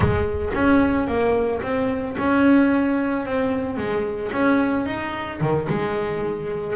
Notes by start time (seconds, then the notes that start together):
0.00 G#3
0.54 C#4
1.07 A#3
1.62 C4
2.17 C#4
3.25 C4
3.77 G#3
4.32 C#4
4.86 D#4
5.41 D#3
5.69 G#3